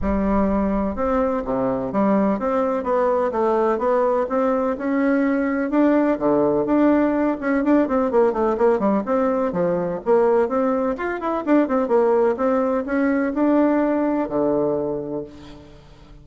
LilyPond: \new Staff \with { instrumentName = "bassoon" } { \time 4/4 \tempo 4 = 126 g2 c'4 c4 | g4 c'4 b4 a4 | b4 c'4 cis'2 | d'4 d4 d'4. cis'8 |
d'8 c'8 ais8 a8 ais8 g8 c'4 | f4 ais4 c'4 f'8 e'8 | d'8 c'8 ais4 c'4 cis'4 | d'2 d2 | }